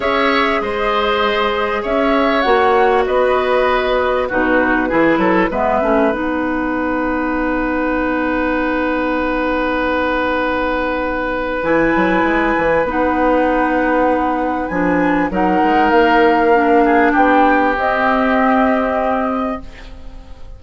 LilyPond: <<
  \new Staff \with { instrumentName = "flute" } { \time 4/4 \tempo 4 = 98 e''4 dis''2 e''4 | fis''4 dis''2 b'4~ | b'4 e''4 fis''2~ | fis''1~ |
fis''2. gis''4~ | gis''4 fis''2. | gis''4 fis''4 f''2 | g''4 dis''2. | }
  \new Staff \with { instrumentName = "oboe" } { \time 4/4 cis''4 c''2 cis''4~ | cis''4 b'2 fis'4 | gis'8 a'8 b'2.~ | b'1~ |
b'1~ | b'1~ | b'4 ais'2~ ais'8 gis'8 | g'1 | }
  \new Staff \with { instrumentName = "clarinet" } { \time 4/4 gis'1 | fis'2. dis'4 | e'4 b8 cis'8 dis'2~ | dis'1~ |
dis'2. e'4~ | e'4 dis'2. | d'4 dis'2 d'4~ | d'4 c'2. | }
  \new Staff \with { instrumentName = "bassoon" } { \time 4/4 cis'4 gis2 cis'4 | ais4 b2 b,4 | e8 fis8 gis8 a8 b2~ | b1~ |
b2. e8 fis8 | gis8 e8 b2. | f4 fis8 gis8 ais2 | b4 c'2. | }
>>